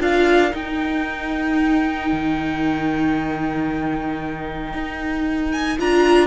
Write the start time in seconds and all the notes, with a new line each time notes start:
0.00 D4 F4 A#4 F5
0.52 D#4 G5
2.12 D#3
4.74 D#4
5.52 G#5
5.79 D4 F4 A#5